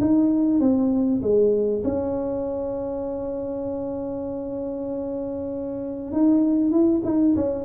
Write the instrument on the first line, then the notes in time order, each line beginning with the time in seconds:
tuba
0.00 D#4
0.60 C4
1.22 G#3
1.84 C#4
6.11 D#4
6.71 E4
7.04 D#4
7.36 C#4